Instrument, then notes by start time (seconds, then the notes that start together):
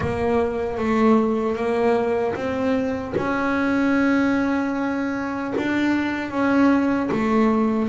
double bass
0.00 A#3
0.77 A3
1.55 A#3
2.35 C4
3.17 C#4
5.57 D4
6.31 C#4
7.11 A3